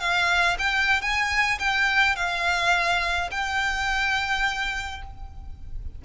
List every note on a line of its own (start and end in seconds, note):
0.00 0.57 F5
0.59 1.02 G5
1.02 1.59 G#5
1.59 2.16 G5
2.16 3.30 F5
3.31 5.02 G5